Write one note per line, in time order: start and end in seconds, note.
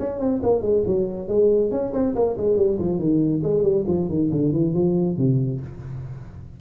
0.00 0.20 C#4
0.20 0.41 C4
0.43 0.62 A#3
0.62 0.83 G#3
0.87 1.28 F#3
1.28 1.71 G#3
1.72 1.93 C#4
1.94 2.15 C4
2.15 2.37 A#3
2.37 2.57 G#3
2.57 2.79 G3
2.79 2.99 F3
2.99 3.42 D#3
3.43 3.63 G#3
3.63 3.85 G3
3.88 4.09 F3
4.09 4.30 D#3
4.31 4.53 D3
4.53 4.74 E3
4.74 5.17 F3
5.17 5.61 C3